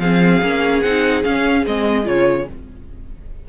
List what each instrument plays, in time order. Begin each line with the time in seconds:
0.00 cello F3, viola C4, violin G#4 F5
0.42 cello A#3, viola C#4
0.82 cello C4, viola D#4, violin F#5
1.24 viola C#4, cello C#4, violin F5
1.67 cello G#3, viola C4, violin D#5
2.04 cello C#3, viola F4, violin C#5